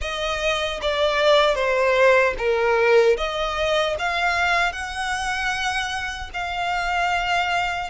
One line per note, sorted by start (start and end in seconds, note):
0.01 0.80 D#5
0.81 1.55 D5
1.55 2.34 C5
2.38 3.17 A#4
3.17 3.95 D#5
3.98 4.72 F5
4.72 6.30 F#5
6.33 7.89 F5